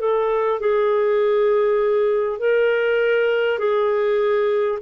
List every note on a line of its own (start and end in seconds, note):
0.00 0.59 A4
0.59 2.39 G#4
2.39 3.58 A#4
3.58 4.78 G#4